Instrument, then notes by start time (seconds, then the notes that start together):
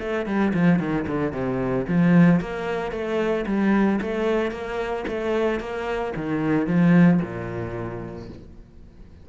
cello
0.00 A3
0.27 G3
0.54 F3
0.80 D#3
1.07 D3
1.33 C3
1.88 F3
2.41 A#3
2.92 A3
3.47 G3
4.02 A3
4.52 A#3
5.08 A3
5.60 A#3
6.16 D#3
6.67 F3
7.22 A#2